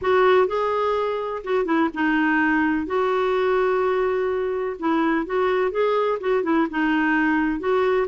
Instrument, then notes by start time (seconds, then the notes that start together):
clarinet
0.01 F#4
0.47 G#4
1.44 F#4
1.65 E4
1.94 D#4
2.86 F#4
4.79 E4
5.26 F#4
5.71 G#4
6.20 F#4
6.43 E4
6.70 D#4
7.59 F#4